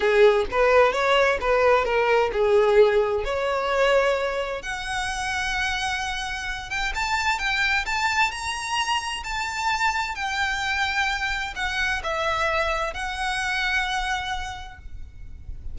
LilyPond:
\new Staff \with { instrumentName = "violin" } { \time 4/4 \tempo 4 = 130 gis'4 b'4 cis''4 b'4 | ais'4 gis'2 cis''4~ | cis''2 fis''2~ | fis''2~ fis''8 g''8 a''4 |
g''4 a''4 ais''2 | a''2 g''2~ | g''4 fis''4 e''2 | fis''1 | }